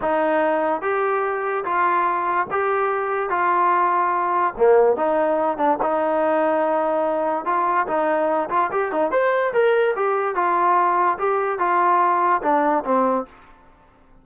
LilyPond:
\new Staff \with { instrumentName = "trombone" } { \time 4/4 \tempo 4 = 145 dis'2 g'2 | f'2 g'2 | f'2. ais4 | dis'4. d'8 dis'2~ |
dis'2 f'4 dis'4~ | dis'8 f'8 g'8 dis'8 c''4 ais'4 | g'4 f'2 g'4 | f'2 d'4 c'4 | }